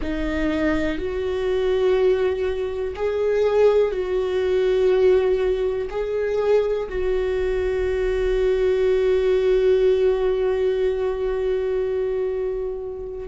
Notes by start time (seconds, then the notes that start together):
0.01 D#4
0.98 F#4
2.95 G#4
3.91 F#4
5.90 G#4
6.89 F#4